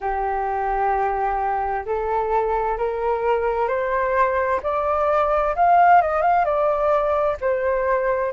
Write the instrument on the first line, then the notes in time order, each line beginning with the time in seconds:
flute
0.00 G4
1.85 A4
2.77 A#4
3.68 C5
4.62 D5
5.56 F5
6.01 D#5
6.21 F5
6.44 D5
7.41 C5